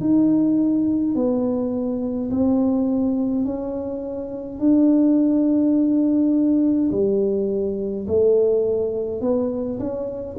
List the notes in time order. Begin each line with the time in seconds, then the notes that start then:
0.00 D#4
1.14 B3
2.30 C4
3.45 C#4
4.59 D4
6.91 G3
8.07 A3
9.21 B3
9.79 C#4